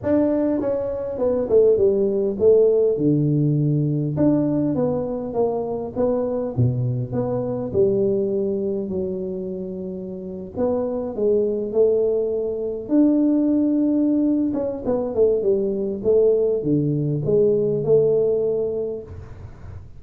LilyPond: \new Staff \with { instrumentName = "tuba" } { \time 4/4 \tempo 4 = 101 d'4 cis'4 b8 a8 g4 | a4 d2 d'4 | b4 ais4 b4 b,4 | b4 g2 fis4~ |
fis4.~ fis16 b4 gis4 a16~ | a4.~ a16 d'2~ d'16~ | d'8 cis'8 b8 a8 g4 a4 | d4 gis4 a2 | }